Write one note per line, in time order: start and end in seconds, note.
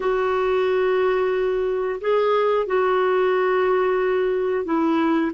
0.00 2.00 F#4
2.00 2.66 G#4
2.66 4.65 F#4
4.65 5.31 E4